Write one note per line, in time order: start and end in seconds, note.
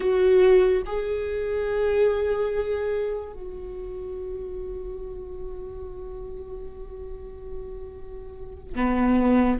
0.00 0.82 F#4
0.86 3.33 G#4
3.33 8.74 F#4
8.75 9.58 B3